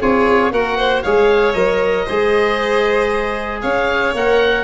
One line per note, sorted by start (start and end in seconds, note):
0.00 0.51 C4
0.00 0.53 F4
0.00 0.52 G#4
0.00 0.52 C#5
0.51 1.03 A#3
0.51 1.05 F#4
0.51 0.77 A#4
0.51 1.02 F#5
0.77 1.02 C5
1.02 1.54 G#3
1.02 1.54 G#4
1.02 2.05 C#5
1.02 1.52 F5
1.52 2.06 F#3
1.52 2.06 A#4
1.52 3.59 D#5
2.05 3.63 G#3
2.05 4.15 G#4
2.05 3.60 C5
3.61 4.14 C#4
3.61 4.63 C#5
3.61 4.13 F5
4.14 4.63 A#3
4.14 4.63 A#4
4.14 4.63 F#5